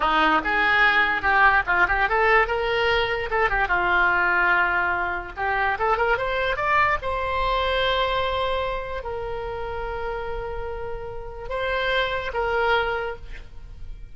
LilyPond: \new Staff \with { instrumentName = "oboe" } { \time 4/4 \tempo 4 = 146 dis'4 gis'2 g'4 | f'8 g'8 a'4 ais'2 | a'8 g'8 f'2.~ | f'4 g'4 a'8 ais'8 c''4 |
d''4 c''2.~ | c''2 ais'2~ | ais'1 | c''2 ais'2 | }